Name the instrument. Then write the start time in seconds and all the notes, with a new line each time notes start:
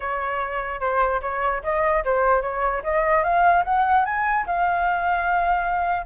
flute
0.00 C#5
0.80 C5
1.21 C#5
1.63 D#5
2.04 C5
2.41 C#5
2.83 D#5
3.23 F5
3.64 F#5
4.05 G#5
4.46 F5